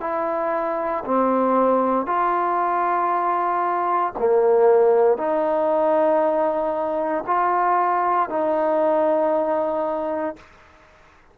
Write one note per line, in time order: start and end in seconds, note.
0.00 1.03 E4
1.05 2.05 C4
2.05 4.12 F4
4.18 5.17 A#3
5.17 7.24 D#4
7.26 8.29 F4
8.29 10.36 D#4